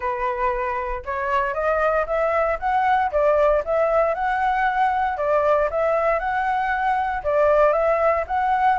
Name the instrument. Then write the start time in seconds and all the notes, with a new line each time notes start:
flute
0.00 B4
1.05 C#5
1.54 D#5
2.06 E5
2.59 F#5
3.11 D5
3.64 E5
4.14 F#5
5.17 D5
5.70 E5
6.19 F#5
7.23 D5
7.72 E5
8.27 F#5